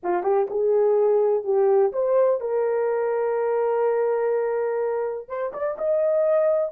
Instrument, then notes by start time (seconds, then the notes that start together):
horn
0.03 F4
0.23 G4
0.50 G#4
1.44 G4
1.92 C5
2.40 A#4
5.28 C5
5.53 D5
5.78 D#5